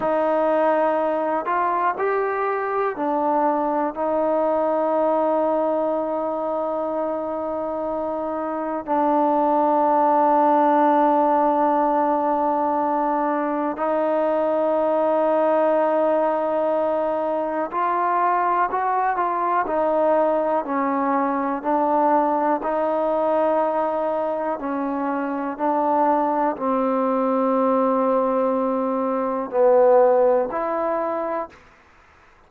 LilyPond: \new Staff \with { instrumentName = "trombone" } { \time 4/4 \tempo 4 = 61 dis'4. f'8 g'4 d'4 | dis'1~ | dis'4 d'2.~ | d'2 dis'2~ |
dis'2 f'4 fis'8 f'8 | dis'4 cis'4 d'4 dis'4~ | dis'4 cis'4 d'4 c'4~ | c'2 b4 e'4 | }